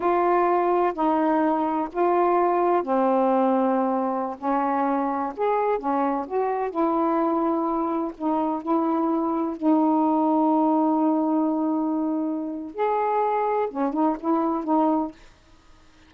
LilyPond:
\new Staff \with { instrumentName = "saxophone" } { \time 4/4 \tempo 4 = 127 f'2 dis'2 | f'2 c'2~ | c'4~ c'16 cis'2 gis'8.~ | gis'16 cis'4 fis'4 e'4.~ e'16~ |
e'4~ e'16 dis'4 e'4.~ e'16~ | e'16 dis'2.~ dis'8.~ | dis'2. gis'4~ | gis'4 cis'8 dis'8 e'4 dis'4 | }